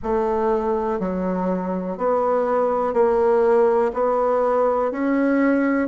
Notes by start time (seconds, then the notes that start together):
0.02 A3
0.99 F#3
1.97 B3
2.93 A#3
3.93 B3
4.91 C#4